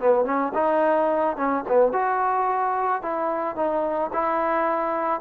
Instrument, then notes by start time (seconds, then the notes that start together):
trombone
0.00 B3
0.25 C#4
0.54 D#4
1.37 C#4
1.68 B3
1.93 F#4
3.02 E4
3.56 D#4
4.13 E4